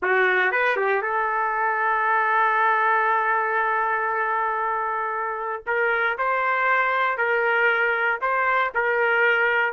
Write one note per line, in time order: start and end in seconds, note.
0.02 0.51 F#4
0.51 0.76 B4
0.76 1.01 G4
1.01 5.63 A4
5.66 6.17 A#4
6.18 7.17 C5
7.17 8.20 A#4
8.21 8.72 C5
8.74 9.72 A#4